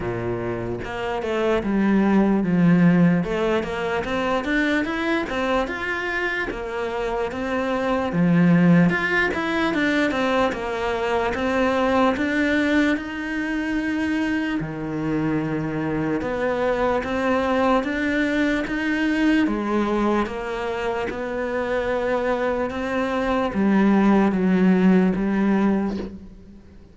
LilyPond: \new Staff \with { instrumentName = "cello" } { \time 4/4 \tempo 4 = 74 ais,4 ais8 a8 g4 f4 | a8 ais8 c'8 d'8 e'8 c'8 f'4 | ais4 c'4 f4 f'8 e'8 | d'8 c'8 ais4 c'4 d'4 |
dis'2 dis2 | b4 c'4 d'4 dis'4 | gis4 ais4 b2 | c'4 g4 fis4 g4 | }